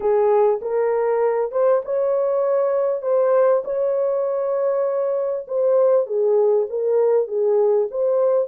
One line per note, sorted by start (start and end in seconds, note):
0.00 0.60 G#4
0.61 1.52 A#4
1.52 1.82 C5
1.85 3.02 C#5
3.02 3.62 C5
3.64 5.46 C#5
5.47 6.06 C5
6.06 6.66 G#4
6.69 7.27 A#4
7.27 7.88 G#4
7.90 8.48 C5